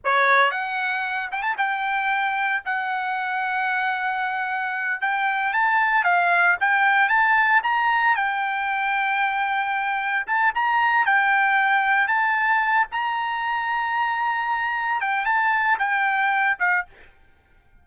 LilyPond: \new Staff \with { instrumentName = "trumpet" } { \time 4/4 \tempo 4 = 114 cis''4 fis''4. g''16 a''16 g''4~ | g''4 fis''2.~ | fis''4. g''4 a''4 f''8~ | f''8 g''4 a''4 ais''4 g''8~ |
g''2.~ g''8 a''8 | ais''4 g''2 a''4~ | a''8 ais''2.~ ais''8~ | ais''8 g''8 a''4 g''4. f''8 | }